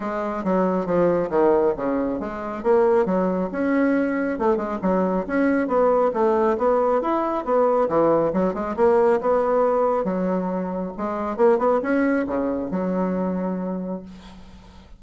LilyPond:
\new Staff \with { instrumentName = "bassoon" } { \time 4/4 \tempo 4 = 137 gis4 fis4 f4 dis4 | cis4 gis4 ais4 fis4 | cis'2 a8 gis8 fis4 | cis'4 b4 a4 b4 |
e'4 b4 e4 fis8 gis8 | ais4 b2 fis4~ | fis4 gis4 ais8 b8 cis'4 | cis4 fis2. | }